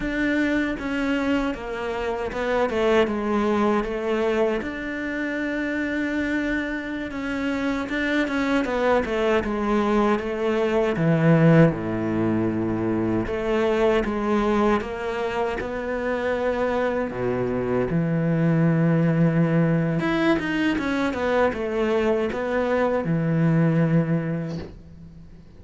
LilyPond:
\new Staff \with { instrumentName = "cello" } { \time 4/4 \tempo 4 = 78 d'4 cis'4 ais4 b8 a8 | gis4 a4 d'2~ | d'4~ d'16 cis'4 d'8 cis'8 b8 a16~ | a16 gis4 a4 e4 a,8.~ |
a,4~ a,16 a4 gis4 ais8.~ | ais16 b2 b,4 e8.~ | e2 e'8 dis'8 cis'8 b8 | a4 b4 e2 | }